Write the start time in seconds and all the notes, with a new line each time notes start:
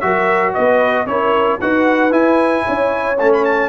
0.00 F#3 F#4 A#4 E5
0.54 B3 B4 D#5
1.06 C#4 E4 A#4 C#5
1.59 D#4 F#4 B4 F#5
2.11 E4 G#5
2.64 C#4 C#5
3.18 A3 C#4 A5
3.33 B5
3.45 A5